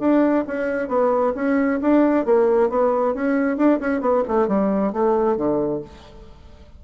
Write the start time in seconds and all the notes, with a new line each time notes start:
0.00 D4
0.48 C#4
0.89 B3
1.36 C#4
1.82 D4
2.26 A#3
2.70 B3
3.15 C#4
3.58 D4
3.80 C#4
4.01 B3
4.28 A3
4.48 G3
4.93 A3
5.37 D3